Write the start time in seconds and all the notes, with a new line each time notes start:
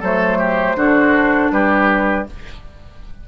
0.00 F#3 A3 A4 C5
0.39 G4
0.76 D3 D4 F#4
1.51 G3 G4 B4